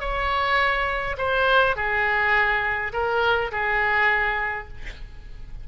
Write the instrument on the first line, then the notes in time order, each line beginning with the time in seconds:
oboe
0.00 C#5
1.18 C5
1.76 G#4
2.93 A#4
3.52 G#4